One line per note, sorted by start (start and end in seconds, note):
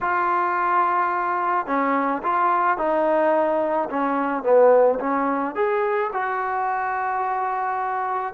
0.01 1.66 F4
1.66 2.21 C#4
2.22 2.77 F4
2.77 3.88 D#4
3.89 4.43 C#4
4.43 4.98 B3
4.99 5.55 C#4
5.55 6.10 G#4
6.12 8.34 F#4